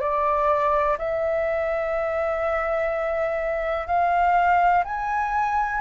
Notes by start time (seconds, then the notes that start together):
0.00 D5
0.98 E5
3.87 F5
4.84 G#5